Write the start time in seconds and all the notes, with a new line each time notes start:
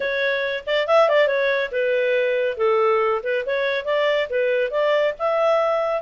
0.00 C#5
0.66 D5
0.87 E5
1.08 D5
1.27 C#5
1.71 B4
2.57 A4
3.23 B4
3.46 C#5
3.85 D5
4.29 B4
4.70 D5
5.18 E5